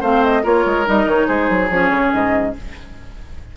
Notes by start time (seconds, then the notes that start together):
0.00 A3 C4 C5 F5
0.24 D#5
0.43 A#3 F4 A#4 C#5
0.65 G#3
0.85 G3 D#4 D#5
1.05 D#3 C#5
1.27 G#3 G#4 C5
1.49 F#3
1.70 F3 C#4 C#5
1.90 C#3
2.13 G#2 D#5